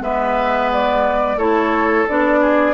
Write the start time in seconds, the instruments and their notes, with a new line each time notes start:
0.00 bassoon G#3, clarinet B3, oboe B4, flute E5
0.72 flute D5
1.36 bassoon A3, clarinet E4, oboe A4, flute C#5
2.08 bassoon B3, clarinet D4, flute D5
2.41 oboe G#4